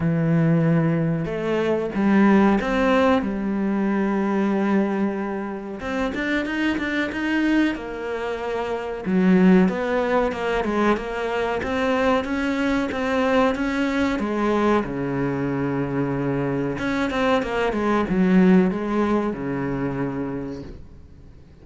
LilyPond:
\new Staff \with { instrumentName = "cello" } { \time 4/4 \tempo 4 = 93 e2 a4 g4 | c'4 g2.~ | g4 c'8 d'8 dis'8 d'8 dis'4 | ais2 fis4 b4 |
ais8 gis8 ais4 c'4 cis'4 | c'4 cis'4 gis4 cis4~ | cis2 cis'8 c'8 ais8 gis8 | fis4 gis4 cis2 | }